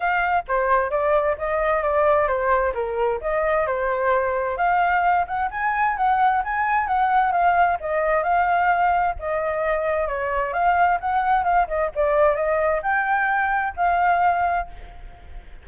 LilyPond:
\new Staff \with { instrumentName = "flute" } { \time 4/4 \tempo 4 = 131 f''4 c''4 d''4 dis''4 | d''4 c''4 ais'4 dis''4 | c''2 f''4. fis''8 | gis''4 fis''4 gis''4 fis''4 |
f''4 dis''4 f''2 | dis''2 cis''4 f''4 | fis''4 f''8 dis''8 d''4 dis''4 | g''2 f''2 | }